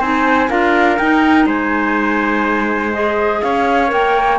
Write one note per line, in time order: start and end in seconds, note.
0.00 0.49 C4
0.00 0.49 D#4
0.00 0.49 C5
0.00 0.50 G#5
0.49 0.99 D4
0.49 0.98 F4
0.49 1.46 A#4
0.49 0.98 F5
0.98 1.46 D#4
0.98 2.93 D#4
0.98 1.47 G5
1.46 3.41 G#3
1.46 3.41 C5
1.46 2.93 G#5
2.93 3.88 G#4
2.93 3.42 D#5
3.42 3.92 C#4
3.42 4.39 C#5
3.42 3.91 F5
3.88 4.39 A#3
3.88 4.37 A#4
3.88 4.39 G5